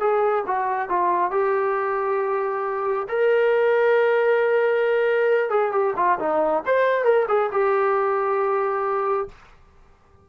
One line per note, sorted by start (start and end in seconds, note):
0.00 0.44 G#4
0.47 0.89 F#4
0.89 1.31 F4
1.31 3.07 G4
3.09 5.50 A#4
5.50 5.72 G#4
5.72 5.94 G4
5.96 6.18 F4
6.19 6.63 D#4
6.66 7.04 C5
7.04 7.26 A#4
7.28 7.50 G#4
7.52 9.28 G4